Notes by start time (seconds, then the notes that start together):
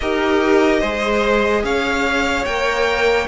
0.00 D#4 G4 A#4 D#5
0.80 G#3 G#4 C5
1.63 C#4 C#5 F5
2.45 A#3 A#4 G5